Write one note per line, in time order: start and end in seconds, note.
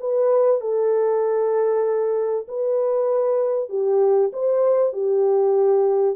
0.00 0.61 B4
0.61 2.47 A4
2.48 3.69 B4
3.69 4.31 G4
4.33 4.93 C5
4.93 6.16 G4